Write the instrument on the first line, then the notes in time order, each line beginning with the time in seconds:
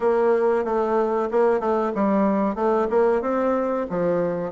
bassoon
0.00 A#3
0.64 A3
1.31 A#3
1.60 A3
1.94 G3
2.55 A3
2.90 A#3
3.21 C4
3.89 F3